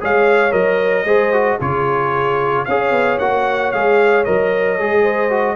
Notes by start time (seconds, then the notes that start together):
0.00 G#3 G#4 C#5 F5
0.51 F#3 A#4 D#5
1.04 G#3 G#4 C5
1.33 F#4
1.60 C#3 F4 G#4 C#5
2.65 C#4 G#4 C#5 F5
2.91 B3
3.19 A#3 F#4 F#5
3.71 G#3 G#4 F5
4.24 F#3 A#4 D#5
4.79 G#3 G#4
5.02 C5
5.30 F#4